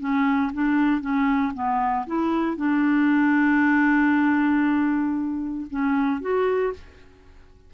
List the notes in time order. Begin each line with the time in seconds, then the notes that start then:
0.00 C#4
0.53 D4
1.01 C#4
1.54 B3
2.07 E4
2.57 D4
5.70 C#4
6.21 F#4